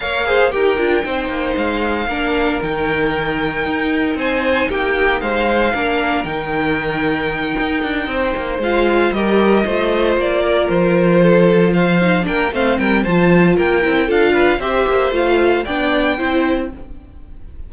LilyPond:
<<
  \new Staff \with { instrumentName = "violin" } { \time 4/4 \tempo 4 = 115 f''4 g''2 f''4~ | f''4 g''2. | gis''4 g''4 f''2 | g''1~ |
g''8 f''4 dis''2 d''8~ | d''8 c''2 f''4 g''8 | f''8 g''8 a''4 g''4 f''4 | e''4 f''4 g''2 | }
  \new Staff \with { instrumentName = "violin" } { \time 4/4 cis''8 c''8 ais'4 c''2 | ais'1 | c''4 g'4 c''4 ais'4~ | ais'2.~ ais'8 c''8~ |
c''4. ais'4 c''4. | ais'4. a'4 c''4 ais'8 | c''8 ais'8 c''4 ais'4 a'8 b'8 | c''2 d''4 c''4 | }
  \new Staff \with { instrumentName = "viola" } { \time 4/4 ais'8 gis'8 g'8 f'8 dis'2 | d'4 dis'2.~ | dis'2. d'4 | dis'1~ |
dis'8 f'4 g'4 f'4.~ | f'2. dis'8 d'8 | c'4 f'4. e'8 f'4 | g'4 f'4 d'4 e'4 | }
  \new Staff \with { instrumentName = "cello" } { \time 4/4 ais4 dis'8 d'8 c'8 ais8 gis4 | ais4 dis2 dis'4 | c'4 ais4 gis4 ais4 | dis2~ dis8 dis'8 d'8 c'8 |
ais8 gis4 g4 a4 ais8~ | ais8 f2. ais8 | a8 g8 f4 ais8 c'8 d'4 | c'8 ais8 a4 b4 c'4 | }
>>